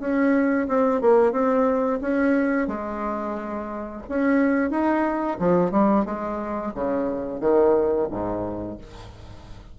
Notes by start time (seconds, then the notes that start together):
0.00 C#4
0.68 C4
1.01 A#3
1.32 C4
2.02 C#4
2.68 G#3
4.09 C#4
4.71 D#4
5.40 F3
5.72 G3
6.06 G#3
6.75 C#3
7.41 D#3
8.11 G#2